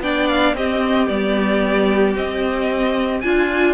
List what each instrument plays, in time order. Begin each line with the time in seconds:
0.00 cello B3, viola D4, violin D5 G5
0.28 violin F5
0.54 cello C4, viola C4, violin G4 D#5
1.08 cello G3, viola B3, violin D5
2.15 viola C4, cello C4, violin D#5
3.21 cello D4, viola F4, violin F4 G#5